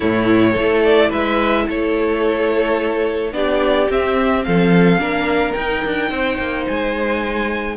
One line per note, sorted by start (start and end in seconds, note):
0.00 0.56 A2
0.00 0.55 A3
0.00 0.52 E4
0.00 0.83 C#5
0.52 1.11 A3
0.52 3.32 E4
0.52 1.08 A4
0.83 1.11 D5
1.09 1.67 G#3
1.09 1.64 B4
1.09 1.67 E5
1.67 3.32 A3
1.67 3.34 A4
1.67 3.33 C#5
3.32 3.88 B3
3.32 3.88 D4
3.32 4.45 G4
3.32 3.89 D5
3.89 4.98 C4
3.89 4.45 C4
3.89 4.43 E5
4.43 4.98 F3
4.43 5.00 A4
4.43 5.52 F5
4.98 5.53 A#3
4.98 5.54 D4
4.98 6.10 A#4
5.52 5.84 D#4
5.52 7.76 D#4
5.52 6.64 G5
5.85 6.10 D4
6.10 6.38 C4
6.10 7.76 C5
6.39 6.66 A#3
6.67 7.76 G#3
6.67 7.76 G#5